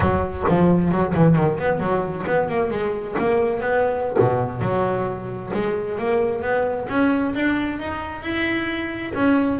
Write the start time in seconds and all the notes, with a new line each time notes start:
0.00 F#3
0.48 F3
0.91 F#3
1.14 E3
1.35 D#3
1.58 B3
1.79 F#3
2.26 B3
2.48 A#3
2.70 G#3
3.18 A#3
3.60 B3
4.19 B2
4.61 F#3
5.53 G#3
5.98 A#3
6.42 B3
6.88 C#4
7.34 D4
7.79 D#4
8.22 E4
9.14 C#4